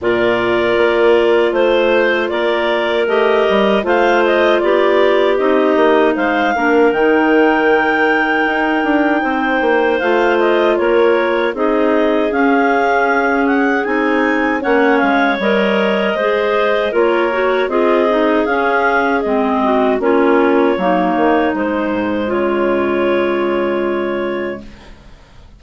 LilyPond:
<<
  \new Staff \with { instrumentName = "clarinet" } { \time 4/4 \tempo 4 = 78 d''2 c''4 d''4 | dis''4 f''8 dis''8 d''4 dis''4 | f''4 g''2.~ | g''4 f''8 dis''8 cis''4 dis''4 |
f''4. fis''8 gis''4 fis''8 f''8 | dis''2 cis''4 dis''4 | f''4 dis''4 cis''2 | c''4 cis''2. | }
  \new Staff \with { instrumentName = "clarinet" } { \time 4/4 ais'2 c''4 ais'4~ | ais'4 c''4 g'2 | c''8 ais'2.~ ais'8 | c''2 ais'4 gis'4~ |
gis'2. cis''4~ | cis''4 c''4 ais'4 gis'4~ | gis'4. fis'8 f'4 dis'4~ | dis'4 f'2. | }
  \new Staff \with { instrumentName = "clarinet" } { \time 4/4 f'1 | g'4 f'2 dis'4~ | dis'8 d'8 dis'2.~ | dis'4 f'2 dis'4 |
cis'2 dis'4 cis'4 | ais'4 gis'4 f'8 fis'8 f'8 dis'8 | cis'4 c'4 cis'4 ais4 | gis1 | }
  \new Staff \with { instrumentName = "bassoon" } { \time 4/4 ais,4 ais4 a4 ais4 | a8 g8 a4 b4 c'8 ais8 | gis8 ais8 dis2 dis'8 d'8 | c'8 ais8 a4 ais4 c'4 |
cis'2 c'4 ais8 gis8 | g4 gis4 ais4 c'4 | cis'4 gis4 ais4 fis8 dis8 | gis8 gis,8 cis2. | }
>>